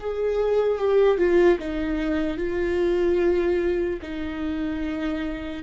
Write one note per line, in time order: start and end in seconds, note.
0.00 0.79 G#4
0.79 1.18 G4
1.18 1.58 F4
1.59 2.38 D#4
2.38 4.00 F4
4.02 5.63 D#4